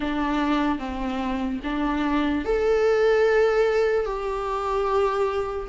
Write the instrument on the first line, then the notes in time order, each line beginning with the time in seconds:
viola
0.00 D4
0.79 C4
1.63 D4
2.44 A4
4.05 G4